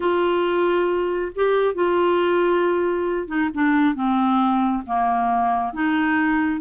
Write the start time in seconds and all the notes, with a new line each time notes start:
0.00 F4
1.35 G4
1.74 F4
3.27 D#4
3.53 D4
3.95 C4
4.86 A#3
5.73 D#4